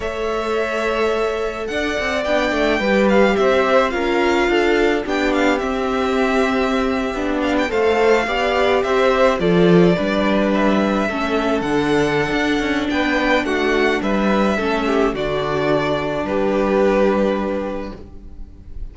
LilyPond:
<<
  \new Staff \with { instrumentName = "violin" } { \time 4/4 \tempo 4 = 107 e''2. fis''4 | g''4. f''8 e''4 f''4~ | f''4 g''8 f''8 e''2~ | e''4~ e''16 f''16 g''16 f''2 e''16~ |
e''8. d''2 e''4~ e''16~ | e''8. fis''2~ fis''16 g''4 | fis''4 e''2 d''4~ | d''4 b'2. | }
  \new Staff \with { instrumentName = "violin" } { \time 4/4 cis''2. d''4~ | d''4 b'4 c''4 ais'4 | a'4 g'2.~ | g'4.~ g'16 c''4 d''4 c''16~ |
c''8. a'4 b'2 a'16~ | a'2. b'4 | fis'4 b'4 a'8 g'8 fis'4~ | fis'4 g'2. | }
  \new Staff \with { instrumentName = "viola" } { \time 4/4 a'1 | d'4 g'2 f'4~ | f'4 d'4 c'2~ | c'8. d'4 a'4 g'4~ g'16~ |
g'8. f'4 d'2 cis'16~ | cis'8. d'2.~ d'16~ | d'2 cis'4 d'4~ | d'1 | }
  \new Staff \with { instrumentName = "cello" } { \time 4/4 a2. d'8 c'8 | b8 a8 g4 c'4 cis'4 | d'4 b4 c'2~ | c'8. b4 a4 b4 c'16~ |
c'8. f4 g2 a16~ | a8. d4~ d16 d'8 cis'8 b4 | a4 g4 a4 d4~ | d4 g2. | }
>>